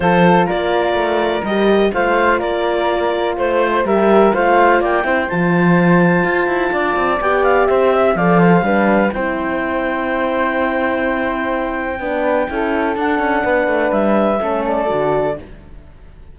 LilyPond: <<
  \new Staff \with { instrumentName = "clarinet" } { \time 4/4 \tempo 4 = 125 c''4 d''2 dis''4 | f''4 d''2 c''4 | e''4 f''4 g''4 a''4~ | a''2. g''8 f''8 |
e''4 f''2 g''4~ | g''1~ | g''2. fis''4~ | fis''4 e''4. d''4. | }
  \new Staff \with { instrumentName = "flute" } { \time 4/4 a'4 ais'2. | c''4 ais'2 c''4 | ais'4 c''4 d''8 c''4.~ | c''2 d''2 |
c''8 e''8 d''8 c''8 b'4 c''4~ | c''1~ | c''4 b'4 a'2 | b'2 a'2 | }
  \new Staff \with { instrumentName = "horn" } { \time 4/4 f'2. g'4 | f'1 | g'4 f'4. e'8 f'4~ | f'2. g'4~ |
g'4 a'4 d'4 e'4~ | e'1~ | e'4 d'4 e'4 d'4~ | d'2 cis'4 fis'4 | }
  \new Staff \with { instrumentName = "cello" } { \time 4/4 f4 ais4 a4 g4 | a4 ais2 a4 | g4 a4 ais8 c'8 f4~ | f4 f'8 e'8 d'8 c'8 b4 |
c'4 f4 g4 c'4~ | c'1~ | c'4 b4 cis'4 d'8 cis'8 | b8 a8 g4 a4 d4 | }
>>